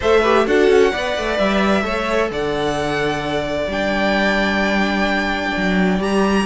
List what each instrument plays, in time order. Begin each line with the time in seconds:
0.00 cello A3, viola A4, violin C5 E5
0.20 viola G4, violin B4
0.46 cello D4, viola F#4, violin A4 F#5
0.69 cello C#4
0.91 cello B3, viola B4, violin D5
1.17 cello A3
1.38 cello G3, violin E5
1.82 cello A3, viola A4, violin C#5
2.30 cello D3, violin D5 F#5
3.67 cello G3, viola D4, violin G5
5.56 cello F#3
5.99 cello G3, viola G4, violin A#5